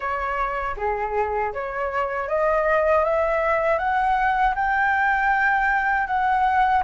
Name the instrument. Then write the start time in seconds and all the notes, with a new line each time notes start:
flute
0.00 C#5
0.76 G#4
1.53 C#5
2.28 D#5
3.04 E5
3.78 F#5
4.55 G5
6.07 F#5